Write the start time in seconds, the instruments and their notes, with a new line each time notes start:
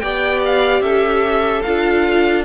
0.00 cello B3, viola G4, violin D5 G5
0.46 violin F5
0.81 cello C#4, violin A4 E5
1.63 cello D4, viola F4, violin F5